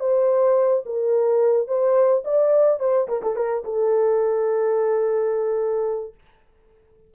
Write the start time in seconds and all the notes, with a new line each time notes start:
0.00 C5
0.86 A#4
1.68 C5
2.24 D5
2.80 C5
3.08 A#4
3.22 A4
3.36 A#4
3.64 A4